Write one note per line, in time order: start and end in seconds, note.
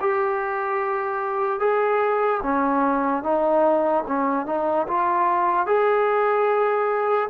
0.00 1.59 G4
1.59 2.40 G#4
2.43 3.23 C#4
3.23 4.04 D#4
4.07 4.46 C#4
4.46 4.86 D#4
4.87 5.66 F4
5.66 7.28 G#4